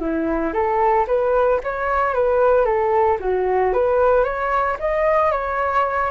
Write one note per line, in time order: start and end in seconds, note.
0.00 0.53 E4
0.53 1.06 A4
1.07 1.60 B4
1.64 2.14 C#5
2.14 2.65 B4
2.65 3.18 A4
3.21 3.73 F#4
3.74 4.24 B4
4.24 4.77 C#5
4.80 5.32 D#5
5.32 6.11 C#5